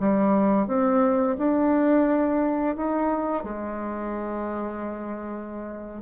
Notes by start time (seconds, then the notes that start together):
0.00 G3
0.68 C4
1.39 D4
2.76 D#4
3.44 G#3